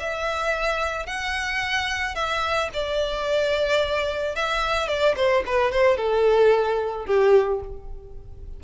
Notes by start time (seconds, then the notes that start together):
0.00 E5
1.07 F#5
2.15 E5
2.74 D5
4.36 E5
4.88 D5
5.16 C5
5.46 B4
5.72 C5
5.97 A4
7.06 G4